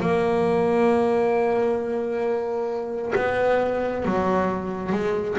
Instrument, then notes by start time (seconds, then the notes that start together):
double bass
0.00 A#3
3.15 B3
4.05 F#3
4.92 G#3